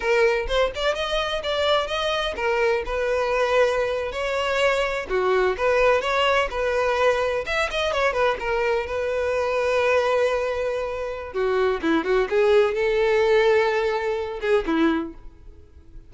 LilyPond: \new Staff \with { instrumentName = "violin" } { \time 4/4 \tempo 4 = 127 ais'4 c''8 d''8 dis''4 d''4 | dis''4 ais'4 b'2~ | b'8. cis''2 fis'4 b'16~ | b'8. cis''4 b'2 e''16~ |
e''16 dis''8 cis''8 b'8 ais'4 b'4~ b'16~ | b'1 | fis'4 e'8 fis'8 gis'4 a'4~ | a'2~ a'8 gis'8 e'4 | }